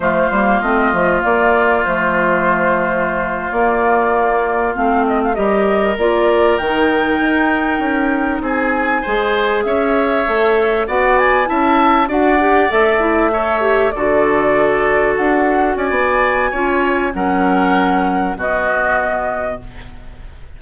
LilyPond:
<<
  \new Staff \with { instrumentName = "flute" } { \time 4/4 \tempo 4 = 98 c''4 dis''4 d''4 c''4~ | c''4.~ c''16 d''2 f''16~ | f''16 dis''16 f''16 dis''4 d''4 g''4~ g''16~ | g''4.~ g''16 gis''2 e''16~ |
e''4.~ e''16 fis''8 gis''8 a''4 fis''16~ | fis''8. e''2 d''4~ d''16~ | d''8. fis''4 gis''2~ gis''16 | fis''2 dis''2 | }
  \new Staff \with { instrumentName = "oboe" } { \time 4/4 f'1~ | f'1~ | f'8. ais'2.~ ais'16~ | ais'4.~ ais'16 gis'4 c''4 cis''16~ |
cis''4.~ cis''16 d''4 e''4 d''16~ | d''4.~ d''16 cis''4 a'4~ a'16~ | a'4.~ a'16 d''4~ d''16 cis''4 | ais'2 fis'2 | }
  \new Staff \with { instrumentName = "clarinet" } { \time 4/4 a8 ais8 c'8 a8 ais4 a4~ | a4.~ a16 ais2 c'16~ | c'8. g'4 f'4 dis'4~ dis'16~ | dis'2~ dis'8. gis'4~ gis'16~ |
gis'8. a'4 fis'4 e'4 fis'16~ | fis'16 g'8 a'8 e'8 a'8 g'8 fis'4~ fis'16~ | fis'2. f'4 | cis'2 b2 | }
  \new Staff \with { instrumentName = "bassoon" } { \time 4/4 f8 g8 a8 f8 ais4 f4~ | f4.~ f16 ais2 a16~ | a8. g4 ais4 dis4 dis'16~ | dis'8. cis'4 c'4 gis4 cis'16~ |
cis'8. a4 b4 cis'4 d'16~ | d'8. a2 d4~ d16~ | d8. d'4 cis'16 b4 cis'4 | fis2 b,2 | }
>>